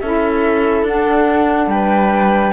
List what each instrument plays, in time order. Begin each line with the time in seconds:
0.00 cello C#4, saxophone E4, viola A4, flute E5
0.83 cello D4, saxophone D4, flute F#5
1.67 cello G3, viola B4, flute G5